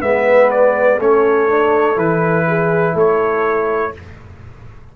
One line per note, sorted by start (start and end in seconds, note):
0.00 0.99 G#3
0.00 0.98 B3
0.00 0.98 B4
0.00 0.50 E5
0.51 1.00 D5
0.99 1.97 A3
0.99 1.49 C#4
0.99 2.46 A4
0.99 1.98 C#5
1.49 1.95 D4
1.95 2.95 E3
1.95 3.92 E4
1.95 2.97 B4
2.47 2.94 G#4
2.94 3.93 A3
2.94 3.92 A4
2.94 3.96 C#5